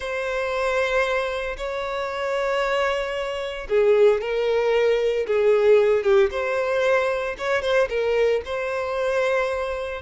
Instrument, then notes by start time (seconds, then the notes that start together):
violin
0.00 C5
1.57 C#5
3.69 G#4
4.21 A#4
5.26 G#4
6.03 G4
6.30 C5
7.38 C#5
7.62 C5
7.89 A#4
8.45 C5